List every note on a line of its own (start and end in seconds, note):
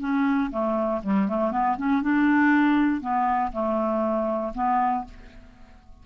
0.00 0.50 C#4
0.51 1.02 A3
1.03 1.28 G3
1.28 1.52 A3
1.52 1.77 B3
1.78 2.02 C#4
2.02 3.01 D4
3.01 3.52 B3
3.52 4.53 A3
4.54 5.05 B3